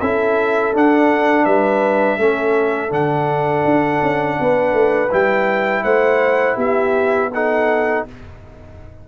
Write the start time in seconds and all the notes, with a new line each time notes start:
0.00 C#4 E4 A4 E5
0.73 D4 F#5
1.45 G3 B4 E5
2.18 A3 C#4 A4
2.89 D3 D4 F#5
3.64 D4
4.02 C#4
4.39 B3 B4
4.73 A3
5.11 G3 E4 G5
5.83 A3 C5 F#5
6.56 B3 G4 E5
7.33 D#4 A4 F#5